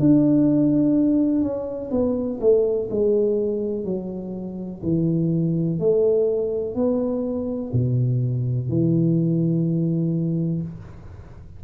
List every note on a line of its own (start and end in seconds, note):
0.00 1.42 D4
1.42 1.90 C#4
1.91 2.40 B3
2.41 2.89 A3
2.91 3.85 G#3
3.85 4.82 F#3
4.83 5.80 E3
5.80 6.75 A3
6.75 7.72 B3
7.73 8.69 B2
8.69 10.63 E3